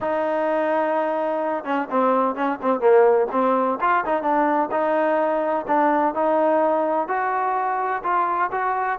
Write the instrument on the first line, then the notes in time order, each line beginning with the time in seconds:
trombone
0.00 D#4
1.64 C#4
1.90 C4
2.35 C#4
2.61 C4
2.80 A#3
3.31 C4
3.80 F4
4.05 D#4
4.22 D4
4.71 D#4
5.67 D4
6.14 D#4
7.08 F#4
8.03 F4
8.51 F#4